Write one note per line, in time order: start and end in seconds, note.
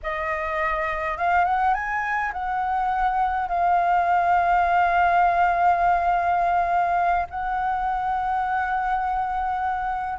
0.02 1.17 D#5
1.17 1.45 F5
1.45 1.73 F#5
1.73 2.32 G#5
2.32 3.48 F#5
3.48 7.27 F5
7.30 10.18 F#5